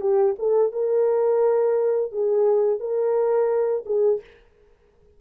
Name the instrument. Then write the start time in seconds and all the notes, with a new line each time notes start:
horn
0.00 G4
0.38 A4
0.72 A#4
2.12 G#4
2.79 A#4
3.85 G#4